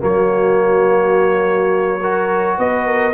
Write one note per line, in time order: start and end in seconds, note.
0.00 2.58 F#3
0.00 2.00 A#3
0.00 2.00 F#4
0.00 2.59 C#5
2.00 3.14 F#4
2.00 2.57 A#4
2.58 3.14 B3
2.58 2.86 B4
2.58 3.14 D#5
2.86 3.14 A#4